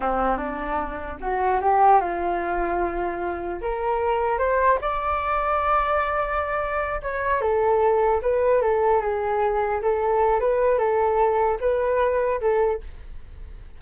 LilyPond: \new Staff \with { instrumentName = "flute" } { \time 4/4 \tempo 4 = 150 c'4 d'2 fis'4 | g'4 f'2.~ | f'4 ais'2 c''4 | d''1~ |
d''4. cis''4 a'4.~ | a'8 b'4 a'4 gis'4.~ | gis'8 a'4. b'4 a'4~ | a'4 b'2 a'4 | }